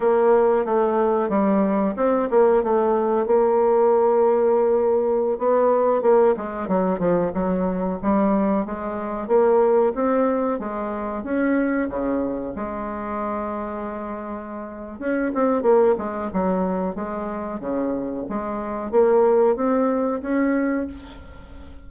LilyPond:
\new Staff \with { instrumentName = "bassoon" } { \time 4/4 \tempo 4 = 92 ais4 a4 g4 c'8 ais8 | a4 ais2.~ | ais16 b4 ais8 gis8 fis8 f8 fis8.~ | fis16 g4 gis4 ais4 c'8.~ |
c'16 gis4 cis'4 cis4 gis8.~ | gis2. cis'8 c'8 | ais8 gis8 fis4 gis4 cis4 | gis4 ais4 c'4 cis'4 | }